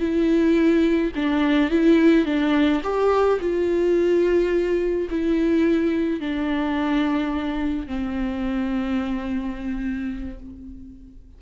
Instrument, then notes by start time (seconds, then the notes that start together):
viola
0.00 E4
1.16 D4
1.71 E4
2.26 D4
2.84 G4
3.41 F4
5.11 E4
6.21 D4
7.88 C4